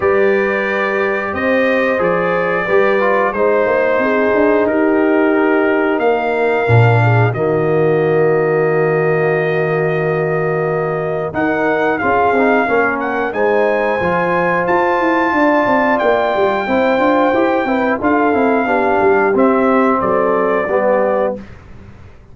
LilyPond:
<<
  \new Staff \with { instrumentName = "trumpet" } { \time 4/4 \tempo 4 = 90 d''2 dis''4 d''4~ | d''4 c''2 ais'4~ | ais'4 f''2 dis''4~ | dis''1~ |
dis''4 fis''4 f''4. fis''8 | gis''2 a''2 | g''2. f''4~ | f''4 e''4 d''2 | }
  \new Staff \with { instrumentName = "horn" } { \time 4/4 b'2 c''2 | b'4 c''4 gis'4 g'4~ | g'4 ais'4. gis'8 fis'4~ | fis'1~ |
fis'4 ais'4 gis'4 ais'4 | c''2. d''4~ | d''4 c''4. b'8 a'4 | g'2 a'4 g'4 | }
  \new Staff \with { instrumentName = "trombone" } { \time 4/4 g'2. gis'4 | g'8 f'8 dis'2.~ | dis'2 d'4 ais4~ | ais1~ |
ais4 dis'4 f'8 dis'8 cis'4 | dis'4 f'2.~ | f'4 e'8 f'8 g'8 e'8 f'8 e'8 | d'4 c'2 b4 | }
  \new Staff \with { instrumentName = "tuba" } { \time 4/4 g2 c'4 f4 | g4 gis8 ais8 c'8 d'8 dis'4~ | dis'4 ais4 ais,4 dis4~ | dis1~ |
dis4 dis'4 cis'8 c'8 ais4 | gis4 f4 f'8 e'8 d'8 c'8 | ais8 g8 c'8 d'8 e'8 c'8 d'8 c'8 | b8 g8 c'4 fis4 g4 | }
>>